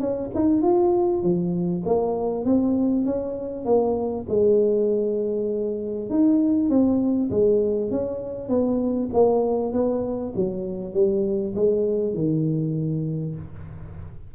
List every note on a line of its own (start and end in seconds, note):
0.00 0.30 C#4
0.35 0.62 D#4
0.62 1.23 F4
1.23 1.83 F3
1.86 2.45 A#3
2.45 3.06 C4
3.06 3.66 C#4
3.66 4.26 A#3
4.29 6.10 G#3
6.10 6.70 D#4
6.70 7.30 C4
7.31 7.91 G#3
7.91 8.49 C#4
8.49 9.10 B3
9.13 9.73 A#3
9.73 10.34 B3
10.36 10.94 F#3
10.94 11.55 G3
11.55 12.14 G#3
12.14 13.35 D#3